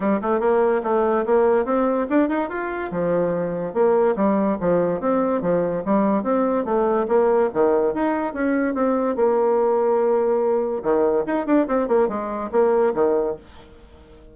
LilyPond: \new Staff \with { instrumentName = "bassoon" } { \time 4/4 \tempo 4 = 144 g8 a8 ais4 a4 ais4 | c'4 d'8 dis'8 f'4 f4~ | f4 ais4 g4 f4 | c'4 f4 g4 c'4 |
a4 ais4 dis4 dis'4 | cis'4 c'4 ais2~ | ais2 dis4 dis'8 d'8 | c'8 ais8 gis4 ais4 dis4 | }